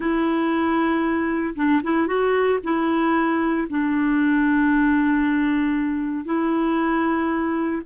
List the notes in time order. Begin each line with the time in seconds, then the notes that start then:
0.00 E4
1.55 D4
1.83 E4
2.07 F#4
2.63 E4
3.69 D4
6.25 E4